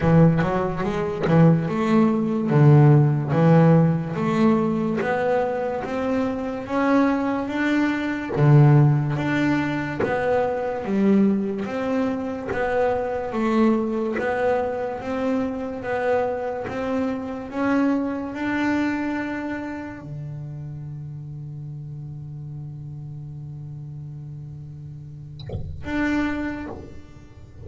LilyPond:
\new Staff \with { instrumentName = "double bass" } { \time 4/4 \tempo 4 = 72 e8 fis8 gis8 e8 a4 d4 | e4 a4 b4 c'4 | cis'4 d'4 d4 d'4 | b4 g4 c'4 b4 |
a4 b4 c'4 b4 | c'4 cis'4 d'2 | d1~ | d2. d'4 | }